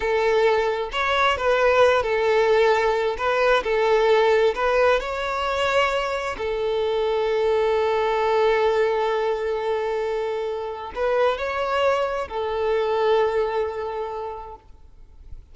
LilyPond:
\new Staff \with { instrumentName = "violin" } { \time 4/4 \tempo 4 = 132 a'2 cis''4 b'4~ | b'8 a'2~ a'8 b'4 | a'2 b'4 cis''4~ | cis''2 a'2~ |
a'1~ | a'1 | b'4 cis''2 a'4~ | a'1 | }